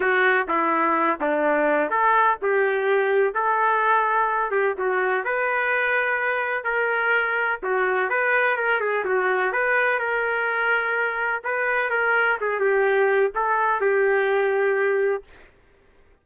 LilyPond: \new Staff \with { instrumentName = "trumpet" } { \time 4/4 \tempo 4 = 126 fis'4 e'4. d'4. | a'4 g'2 a'4~ | a'4. g'8 fis'4 b'4~ | b'2 ais'2 |
fis'4 b'4 ais'8 gis'8 fis'4 | b'4 ais'2. | b'4 ais'4 gis'8 g'4. | a'4 g'2. | }